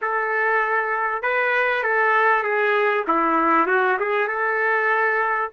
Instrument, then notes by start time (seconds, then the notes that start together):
trumpet
0.01 A4
1.22 B4
1.83 A4
2.43 G#4
3.07 E4
3.67 F#4
3.99 G#4
4.27 A4